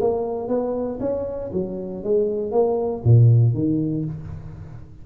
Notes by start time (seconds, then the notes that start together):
0.00 A#3
0.48 B3
1.00 C#4
1.53 F#3
2.03 G#3
2.51 A#3
3.04 A#2
3.54 D#3